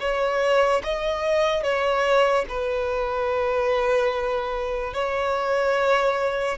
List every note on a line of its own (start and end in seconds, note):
0.00 0.82 C#5
0.84 1.63 D#5
1.63 2.45 C#5
2.49 4.94 B4
4.94 6.58 C#5